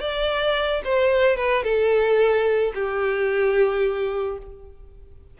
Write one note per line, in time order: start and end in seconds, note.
0.00 0.82 D5
0.84 1.36 C5
1.36 1.63 B4
1.63 2.72 A4
2.74 4.38 G4